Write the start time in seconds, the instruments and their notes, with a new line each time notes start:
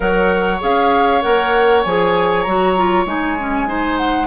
0.00 bassoon F#3, clarinet A#4, oboe C#5, flute F#5
0.60 bassoon C#4, clarinet G#4, flute F5
1.21 bassoon A#3, clarinet A#4, flute F#5
1.83 bassoon F3, clarinet G#4, flute G#5
2.42 bassoon F#3, clarinet F#4, flute A#5
2.76 clarinet F4
3.05 bassoon G#3, clarinet D#4, flute G#5
3.39 clarinet C#4
3.67 clarinet D#4, oboe C5
3.97 flute F#5